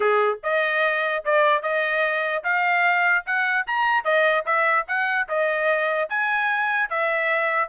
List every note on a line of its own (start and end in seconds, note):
0.00 0.39 G#4
0.43 1.24 D#5
1.25 1.62 D5
1.62 2.43 D#5
2.43 3.24 F5
3.25 3.66 F#5
3.66 4.04 A#5
4.04 4.44 D#5
4.45 4.86 E5
4.87 5.28 F#5
5.28 6.09 D#5
6.09 6.89 G#5
6.89 7.68 E5